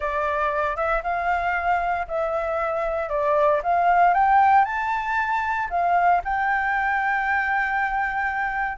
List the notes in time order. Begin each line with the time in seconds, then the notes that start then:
0.00 D5
0.76 E5
1.03 F5
2.07 E5
3.09 D5
3.63 F5
4.14 G5
4.65 A5
5.69 F5
6.24 G5